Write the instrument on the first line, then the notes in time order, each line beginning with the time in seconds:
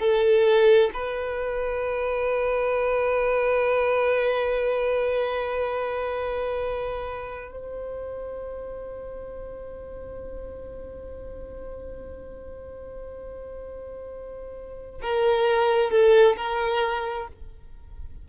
violin
0.00 A4
0.94 B4
7.51 C5
15.02 A#4
15.91 A4
16.37 A#4